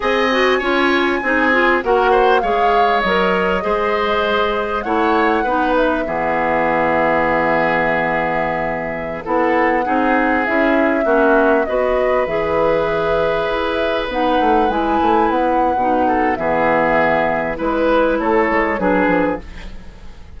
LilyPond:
<<
  \new Staff \with { instrumentName = "flute" } { \time 4/4 \tempo 4 = 99 gis''2. fis''4 | f''4 dis''2. | fis''4. e''2~ e''8~ | e''2.~ e''16 fis''8.~ |
fis''4~ fis''16 e''2 dis''8.~ | dis''16 e''2. fis''8.~ | fis''16 gis''4 fis''4.~ fis''16 e''4~ | e''4 b'4 cis''4 b'4 | }
  \new Staff \with { instrumentName = "oboe" } { \time 4/4 dis''4 cis''4 gis'4 ais'8 c''8 | cis''2 c''2 | cis''4 b'4 gis'2~ | gis'2.~ gis'16 a'8.~ |
a'16 gis'2 fis'4 b'8.~ | b'1~ | b'2~ b'8 a'8 gis'4~ | gis'4 b'4 a'4 gis'4 | }
  \new Staff \with { instrumentName = "clarinet" } { \time 4/4 gis'8 fis'8 f'4 dis'8 f'8 fis'4 | gis'4 ais'4 gis'2 | e'4 dis'4 b2~ | b2.~ b16 e'8.~ |
e'16 dis'4 e'4 cis'4 fis'8.~ | fis'16 gis'2. dis'8.~ | dis'16 e'4.~ e'16 dis'4 b4~ | b4 e'2 d'4 | }
  \new Staff \with { instrumentName = "bassoon" } { \time 4/4 c'4 cis'4 c'4 ais4 | gis4 fis4 gis2 | a4 b4 e2~ | e2.~ e16 b8.~ |
b16 c'4 cis'4 ais4 b8.~ | b16 e2 e'4 b8 a16~ | a16 gis8 a8 b8. b,4 e4~ | e4 gis4 a8 gis8 fis8 f8 | }
>>